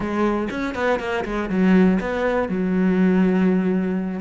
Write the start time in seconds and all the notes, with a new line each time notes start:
0.00 G#3
0.50 C#4
0.75 B3
0.99 A#3
1.25 G#3
1.49 F#3
2.00 B3
2.48 F#3